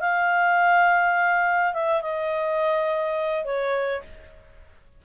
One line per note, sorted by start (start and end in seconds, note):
0.00 1.73 F5
1.73 2.01 E5
2.01 3.44 D#5
3.44 4.02 C#5